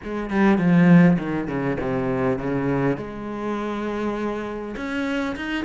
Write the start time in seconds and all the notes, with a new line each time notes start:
0.03 G#3
0.30 G3
0.58 F3
1.18 D#3
1.47 C#3
1.80 C3
2.38 C#3
2.97 G#3
4.76 C#4
5.36 D#4